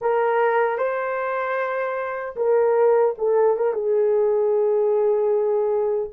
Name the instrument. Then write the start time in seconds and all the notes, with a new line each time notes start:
horn
0.01 A#4
0.78 C5
2.36 A#4
3.18 A4
3.57 A#4
3.73 G#4